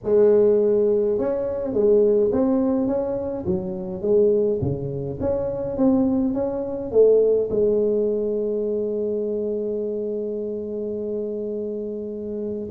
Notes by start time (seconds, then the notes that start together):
0.03 G#3
1.18 C#4
1.73 G#3
2.32 C4
2.87 C#4
3.46 F#3
4.01 G#3
4.61 C#3
5.20 C#4
5.77 C4
6.34 C#4
6.91 A3
7.49 G#3